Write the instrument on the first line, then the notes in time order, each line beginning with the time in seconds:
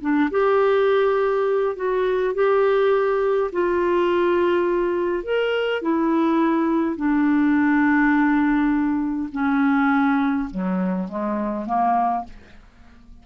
clarinet
0.00 D4
0.30 G4
1.76 F#4
2.34 G4
3.52 F4
5.23 A#4
5.81 E4
6.96 D4
9.32 C#4
10.50 F#3
11.08 G#3
11.65 A#3